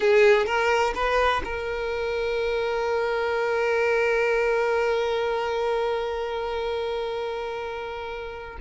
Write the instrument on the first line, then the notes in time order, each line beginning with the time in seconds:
violin
0.00 G#4
0.45 A#4
0.95 B4
1.44 A#4